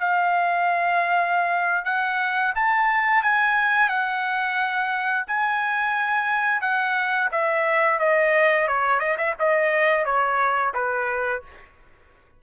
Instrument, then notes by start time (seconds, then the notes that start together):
trumpet
0.00 F5
1.85 F#5
2.55 A5
3.23 G#5
3.89 F#5
5.27 G#5
6.61 F#5
7.32 E5
8.00 D#5
8.68 C#5
9.00 D#5
9.18 E5
9.39 D#5
10.05 C#5
10.74 B4